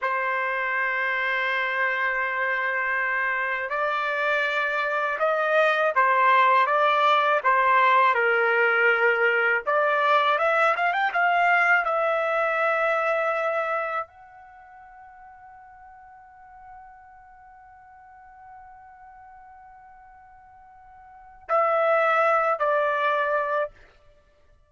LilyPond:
\new Staff \with { instrumentName = "trumpet" } { \time 4/4 \tempo 4 = 81 c''1~ | c''4 d''2 dis''4 | c''4 d''4 c''4 ais'4~ | ais'4 d''4 e''8 f''16 g''16 f''4 |
e''2. fis''4~ | fis''1~ | fis''1~ | fis''4 e''4. d''4. | }